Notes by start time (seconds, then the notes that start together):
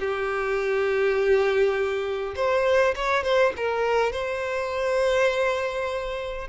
0.00 G4
2.36 C5
2.96 C#5
3.24 C5
3.57 A#4
4.13 C5